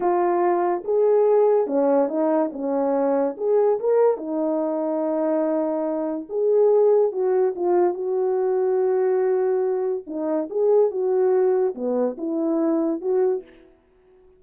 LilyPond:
\new Staff \with { instrumentName = "horn" } { \time 4/4 \tempo 4 = 143 f'2 gis'2 | cis'4 dis'4 cis'2 | gis'4 ais'4 dis'2~ | dis'2. gis'4~ |
gis'4 fis'4 f'4 fis'4~ | fis'1 | dis'4 gis'4 fis'2 | b4 e'2 fis'4 | }